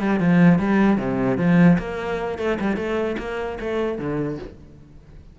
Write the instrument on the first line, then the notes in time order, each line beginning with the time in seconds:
cello
0.00 G3
0.20 F3
0.59 G3
0.98 C3
1.38 F3
1.78 A#3
2.39 A3
2.60 G3
2.76 A3
3.18 A#3
3.61 A3
3.99 D3